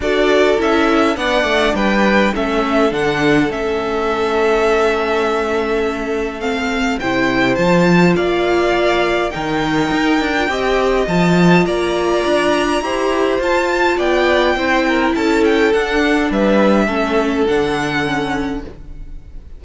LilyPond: <<
  \new Staff \with { instrumentName = "violin" } { \time 4/4 \tempo 4 = 103 d''4 e''4 fis''4 g''4 | e''4 fis''4 e''2~ | e''2. f''4 | g''4 a''4 f''2 |
g''2. a''4 | ais''2. a''4 | g''2 a''8 g''8 fis''4 | e''2 fis''2 | }
  \new Staff \with { instrumentName = "violin" } { \time 4/4 a'2 d''4 b'4 | a'1~ | a'1 | c''2 d''2 |
ais'2 dis''2 | d''2 c''2 | d''4 c''8 ais'8 a'2 | b'4 a'2. | }
  \new Staff \with { instrumentName = "viola" } { \time 4/4 fis'4 e'4 d'2 | cis'4 d'4 cis'2~ | cis'2. c'4 | e'4 f'2. |
dis'4.~ dis'16 f'16 g'4 f'4~ | f'2 g'4 f'4~ | f'4 e'2 d'4~ | d'4 cis'4 d'4 cis'4 | }
  \new Staff \with { instrumentName = "cello" } { \time 4/4 d'4 cis'4 b8 a8 g4 | a4 d4 a2~ | a1 | c4 f4 ais2 |
dis4 dis'8 d'8 c'4 f4 | ais4 d'4 e'4 f'4 | b4 c'4 cis'4 d'4 | g4 a4 d2 | }
>>